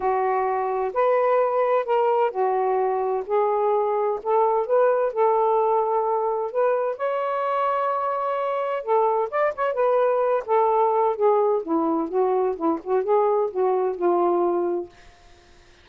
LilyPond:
\new Staff \with { instrumentName = "saxophone" } { \time 4/4 \tempo 4 = 129 fis'2 b'2 | ais'4 fis'2 gis'4~ | gis'4 a'4 b'4 a'4~ | a'2 b'4 cis''4~ |
cis''2. a'4 | d''8 cis''8 b'4. a'4. | gis'4 e'4 fis'4 e'8 fis'8 | gis'4 fis'4 f'2 | }